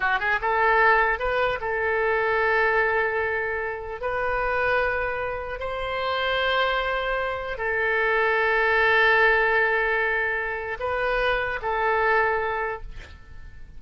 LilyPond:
\new Staff \with { instrumentName = "oboe" } { \time 4/4 \tempo 4 = 150 fis'8 gis'8 a'2 b'4 | a'1~ | a'2 b'2~ | b'2 c''2~ |
c''2. a'4~ | a'1~ | a'2. b'4~ | b'4 a'2. | }